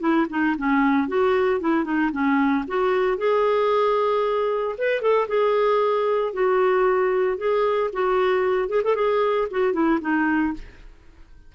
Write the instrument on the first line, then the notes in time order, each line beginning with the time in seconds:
clarinet
0.00 E4
0.29 D#4
0.58 C#4
1.08 F#4
1.60 E4
1.84 D#4
2.12 C#4
2.67 F#4
3.18 G#4
4.78 B4
5.01 A4
5.28 G#4
6.33 F#4
7.38 G#4
7.93 F#4
8.69 G#4
8.84 A4
8.95 G#4
9.51 F#4
9.73 E4
10.01 D#4